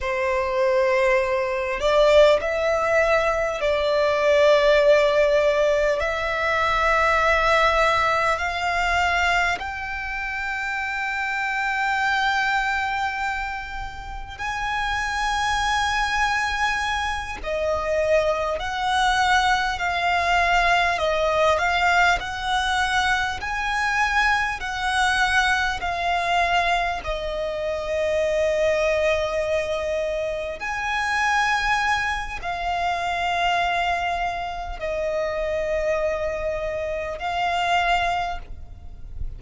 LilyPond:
\new Staff \with { instrumentName = "violin" } { \time 4/4 \tempo 4 = 50 c''4. d''8 e''4 d''4~ | d''4 e''2 f''4 | g''1 | gis''2~ gis''8 dis''4 fis''8~ |
fis''8 f''4 dis''8 f''8 fis''4 gis''8~ | gis''8 fis''4 f''4 dis''4.~ | dis''4. gis''4. f''4~ | f''4 dis''2 f''4 | }